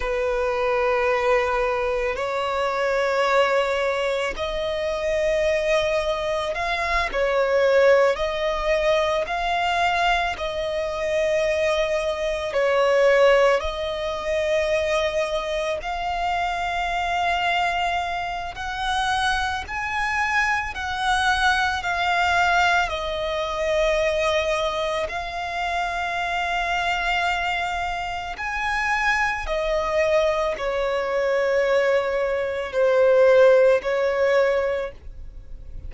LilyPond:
\new Staff \with { instrumentName = "violin" } { \time 4/4 \tempo 4 = 55 b'2 cis''2 | dis''2 f''8 cis''4 dis''8~ | dis''8 f''4 dis''2 cis''8~ | cis''8 dis''2 f''4.~ |
f''4 fis''4 gis''4 fis''4 | f''4 dis''2 f''4~ | f''2 gis''4 dis''4 | cis''2 c''4 cis''4 | }